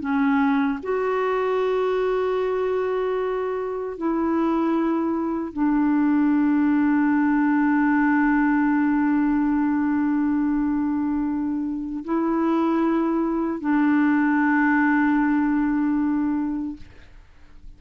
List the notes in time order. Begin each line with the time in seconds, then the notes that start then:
0.00 C#4
0.83 F#4
3.97 E4
5.53 D4
12.04 E4
13.60 D4